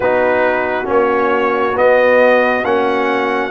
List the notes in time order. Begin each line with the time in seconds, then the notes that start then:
0.00 B3 D#4 F#4 B4
0.84 A#3 C#4
0.90 C#5
1.75 B3 D#5
2.64 A#3 C#4 F#5